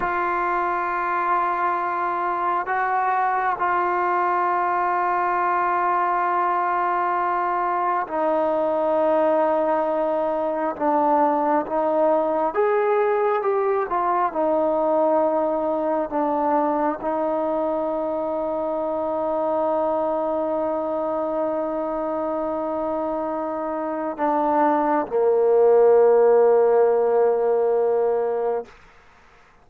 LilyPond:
\new Staff \with { instrumentName = "trombone" } { \time 4/4 \tempo 4 = 67 f'2. fis'4 | f'1~ | f'4 dis'2. | d'4 dis'4 gis'4 g'8 f'8 |
dis'2 d'4 dis'4~ | dis'1~ | dis'2. d'4 | ais1 | }